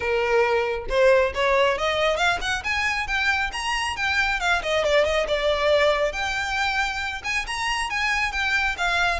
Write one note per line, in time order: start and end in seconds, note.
0.00 0.86 A#4
0.89 1.33 C5
1.34 1.78 C#5
1.78 2.17 D#5
2.17 2.38 F5
2.41 2.63 F#5
2.63 3.07 G#5
3.07 3.50 G5
3.52 3.96 A#5
3.96 4.40 G5
4.40 4.62 F5
4.62 4.84 D#5
4.84 5.05 D5
5.05 5.27 D#5
5.27 6.12 D5
6.12 7.22 G5
7.24 7.46 G#5
7.46 7.90 A#5
7.90 8.32 G#5
8.32 8.76 G5
8.77 9.19 F5